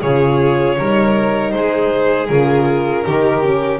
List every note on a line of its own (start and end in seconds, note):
0.00 0.78 C#3
0.00 0.78 F4
0.00 0.76 G#4
0.00 1.50 C#5
0.78 1.53 G3
0.78 2.28 D#4
0.78 1.54 A#4
1.50 2.29 G#3
1.50 3.05 G#4
1.50 2.26 C5
2.28 3.05 C#3
2.28 3.04 F4
2.28 3.79 A#4
3.04 3.80 D#3
3.04 3.42 D#4
3.04 3.80 G4
3.42 3.80 C#4